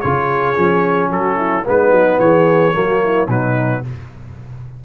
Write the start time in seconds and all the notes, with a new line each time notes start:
0.00 C#3 F4 G#4 C#5
0.54 F3 C#4
1.09 F#3 F#4 A4
1.36 E4
1.65 G#3 B3 D#4 B4
1.91 F#3
2.19 E3 G#4 C#5
2.72 F#3 A#3 F#4
3.03 E4
3.27 B2 F#3 D#4 B4